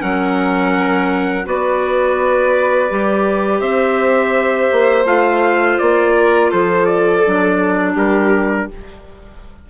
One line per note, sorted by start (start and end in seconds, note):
0.00 1.46 F#3
0.00 1.45 C#4
0.00 1.46 A#4
0.00 1.47 F#5
1.45 2.91 B3
1.45 2.89 F#4
1.45 3.60 B4
1.45 3.61 D5
2.90 3.61 G3
2.90 5.06 G4
3.60 4.69 C4
3.60 6.13 C5
3.60 5.05 E5
4.72 5.05 A#3
5.05 5.78 A3
5.05 7.23 F4
5.05 5.78 F5
5.78 6.53 A#3
5.78 6.51 D5
6.17 6.51 A#4
6.51 7.25 F3
6.51 7.93 A4
6.51 6.86 C5
6.86 7.94 D5
7.26 7.96 F#3
7.26 8.71 D4
7.93 8.68 G3
7.93 8.66 G4
7.93 8.70 A#4